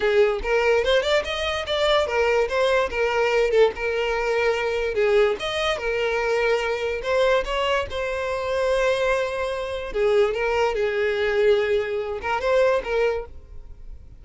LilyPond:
\new Staff \with { instrumentName = "violin" } { \time 4/4 \tempo 4 = 145 gis'4 ais'4 c''8 d''8 dis''4 | d''4 ais'4 c''4 ais'4~ | ais'8 a'8 ais'2. | gis'4 dis''4 ais'2~ |
ais'4 c''4 cis''4 c''4~ | c''1 | gis'4 ais'4 gis'2~ | gis'4. ais'8 c''4 ais'4 | }